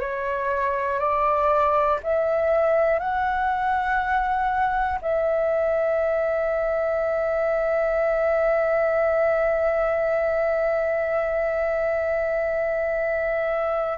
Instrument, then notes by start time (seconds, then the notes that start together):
flute
0.00 C#5
0.99 D5
2.03 E5
2.99 F#5
5.01 E5